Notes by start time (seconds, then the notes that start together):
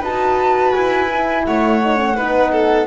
0.00 D#4 F#4 B4 A5
0.74 E4 G#5
1.10 E4
1.46 A3 C#5 F#5
1.81 D#4
1.97 C#4
2.16 B3 D#4 B4
2.52 A4